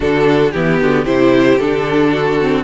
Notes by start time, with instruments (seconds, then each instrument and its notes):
0.00 cello D3, viola D4, violin F#4 A4
0.51 cello E3, viola B3, violin E4 G4
0.81 cello D3, violin F#4
1.04 cello C3, viola E4, violin G4 C5
1.58 cello D3, viola D4, violin A4
2.12 violin F#4
2.40 viola C4